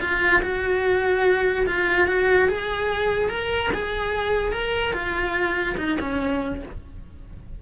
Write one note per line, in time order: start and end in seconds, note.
0.00 0.41 F4
0.42 1.66 F#4
1.66 2.07 F4
2.07 2.48 F#4
2.48 3.29 G#4
3.29 3.70 A#4
3.73 4.52 G#4
4.52 4.93 A#4
4.93 5.75 F4
5.77 5.98 D#4
6.00 6.62 C#4